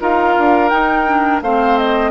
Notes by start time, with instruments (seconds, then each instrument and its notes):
0.00 bassoon D#4, clarinet F4, oboe A#4, flute F5
0.38 bassoon D4
0.69 clarinet D#4, bassoon D#4, flute G5
1.07 clarinet D4
1.42 bassoon A3, clarinet C4, oboe C5, flute F5
1.78 flute D#5